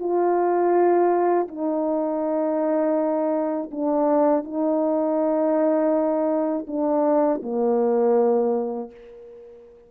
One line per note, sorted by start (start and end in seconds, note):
0.00 1.48 F4
1.48 3.71 D#4
3.72 4.44 D4
4.44 6.67 D#4
6.68 7.42 D4
7.43 8.91 A#3